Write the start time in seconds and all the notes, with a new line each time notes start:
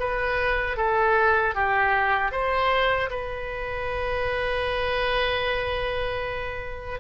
0.00 B4
0.77 A4
1.55 G4
2.32 C5
3.10 B4